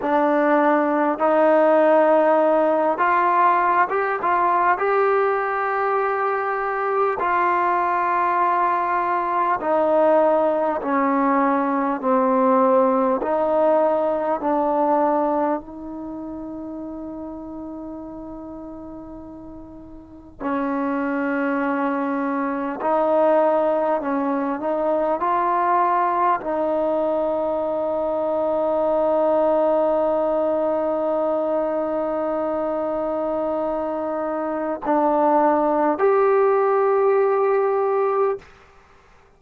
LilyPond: \new Staff \with { instrumentName = "trombone" } { \time 4/4 \tempo 4 = 50 d'4 dis'4. f'8. g'16 f'8 | g'2 f'2 | dis'4 cis'4 c'4 dis'4 | d'4 dis'2.~ |
dis'4 cis'2 dis'4 | cis'8 dis'8 f'4 dis'2~ | dis'1~ | dis'4 d'4 g'2 | }